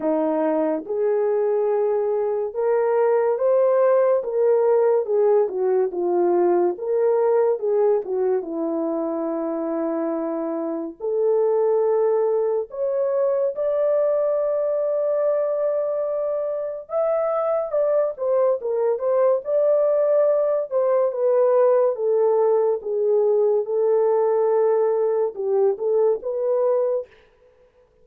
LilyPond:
\new Staff \with { instrumentName = "horn" } { \time 4/4 \tempo 4 = 71 dis'4 gis'2 ais'4 | c''4 ais'4 gis'8 fis'8 f'4 | ais'4 gis'8 fis'8 e'2~ | e'4 a'2 cis''4 |
d''1 | e''4 d''8 c''8 ais'8 c''8 d''4~ | d''8 c''8 b'4 a'4 gis'4 | a'2 g'8 a'8 b'4 | }